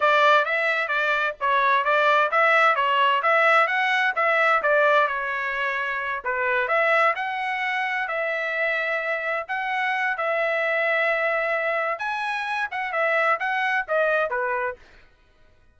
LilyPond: \new Staff \with { instrumentName = "trumpet" } { \time 4/4 \tempo 4 = 130 d''4 e''4 d''4 cis''4 | d''4 e''4 cis''4 e''4 | fis''4 e''4 d''4 cis''4~ | cis''4. b'4 e''4 fis''8~ |
fis''4. e''2~ e''8~ | e''8 fis''4. e''2~ | e''2 gis''4. fis''8 | e''4 fis''4 dis''4 b'4 | }